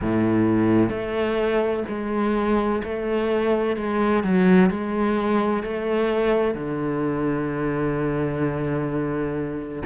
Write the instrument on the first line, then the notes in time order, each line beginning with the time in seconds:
cello
0.01 A2
0.89 A3
1.88 G#3
2.83 A3
3.76 G#3
4.23 F#3
4.70 G#3
5.62 A3
6.54 D3